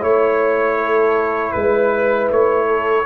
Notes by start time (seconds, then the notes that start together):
0.00 A3 E4 C#5
0.77 A4
1.52 G#3 B4
2.30 A3 C#5
2.67 A4